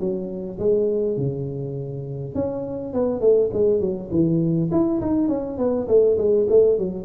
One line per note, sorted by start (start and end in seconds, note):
0.00 0.59 F#3
0.59 1.17 G#3
1.17 2.35 C#3
2.35 2.94 C#4
2.94 3.21 B3
3.21 3.50 A3
3.53 3.81 G#3
3.81 4.10 F#3
4.11 4.70 E3
4.72 5.01 E4
5.02 5.29 D#4
5.29 5.58 C#4
5.58 5.88 B3
5.88 6.18 A3
6.18 6.48 G#3
6.50 6.79 A3
6.79 7.05 F#3